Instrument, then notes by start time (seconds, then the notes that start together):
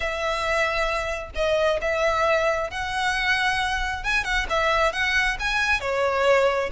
violin
0.00 E5
1.35 D#5
1.81 E5
2.70 F#5
4.03 G#5
4.23 F#5
4.49 E5
4.92 F#5
5.39 G#5
5.80 C#5